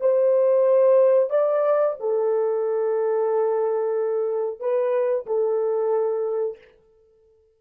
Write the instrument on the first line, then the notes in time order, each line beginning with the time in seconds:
horn
0.00 C5
1.30 D5
1.99 A4
4.60 B4
5.26 A4